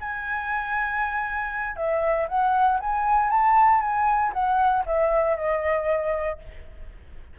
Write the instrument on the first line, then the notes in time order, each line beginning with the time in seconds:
flute
0.00 G#5
1.76 E5
2.28 F#5
2.79 G#5
3.30 A5
3.81 G#5
4.33 F#5
4.86 E5
5.36 D#5